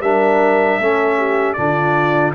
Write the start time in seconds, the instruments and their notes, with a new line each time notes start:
0.00 tuba G3, trombone D4, horn A#4, trumpet E5
0.78 tuba A3, trombone C#4, horn A4
1.17 horn G4
1.53 tuba D3, trombone D4, horn F4, trumpet D5